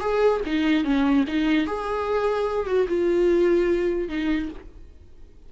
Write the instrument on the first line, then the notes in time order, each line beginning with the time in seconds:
viola
0.00 G#4
0.46 D#4
0.84 C#4
1.27 D#4
1.66 G#4
2.66 F#4
2.88 F4
4.09 D#4